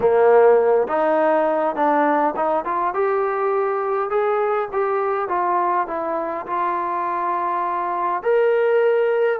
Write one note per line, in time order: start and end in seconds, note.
0.00 0.87 A#3
0.87 1.75 D#4
1.75 2.34 D4
2.36 2.65 D#4
2.65 2.94 F4
2.94 4.10 G4
4.10 4.68 G#4
4.72 5.28 G4
5.28 5.87 F4
5.87 6.45 E4
6.46 8.22 F4
8.22 9.39 A#4